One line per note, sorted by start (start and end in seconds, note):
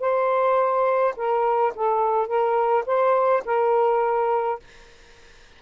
0.00 1.14 C5
1.16 1.73 A#4
1.75 2.27 A4
2.27 2.84 A#4
2.86 3.43 C5
3.45 4.59 A#4